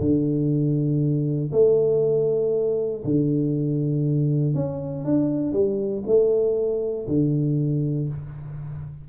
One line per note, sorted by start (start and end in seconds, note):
0.00 1.51 D3
1.52 3.03 A3
3.04 4.54 D3
4.54 5.05 C#4
5.05 5.52 D4
5.52 6.03 G3
6.06 7.07 A3
7.08 8.09 D3